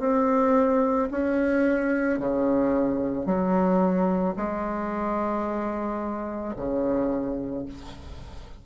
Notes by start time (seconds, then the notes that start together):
0.00 C4
1.12 C#4
2.19 C#3
3.26 F#3
4.37 G#3
6.57 C#3